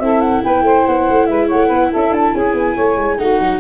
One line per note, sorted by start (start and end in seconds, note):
0.00 0.42 C4
0.00 3.18 E4
0.00 0.43 A4
0.00 0.21 E5
0.21 0.42 F#5
0.43 0.62 B3
0.43 0.64 B4
0.43 0.86 G5
0.62 0.83 A3
0.62 1.28 C5
0.86 1.09 B3
0.86 1.26 F#5
1.09 1.29 A3
1.26 1.50 G#3
1.26 1.46 B4
1.26 1.48 E5
1.46 1.67 C#5
1.46 1.92 F#5
1.53 1.70 A3
1.67 1.91 B3
1.67 1.88 B4
1.91 2.10 C#4
1.91 2.33 A4
1.91 2.13 E5
2.10 2.31 D4
2.10 2.34 A5
2.33 2.54 C#4
2.33 2.74 G#4
2.33 3.19 G#5
2.54 2.75 B3
2.74 2.96 A3
2.74 3.16 C#5
2.96 3.17 G#3
3.18 3.39 A3
3.18 3.60 D#4
3.18 3.60 F#4
3.18 3.60 F#5
3.40 3.60 F#3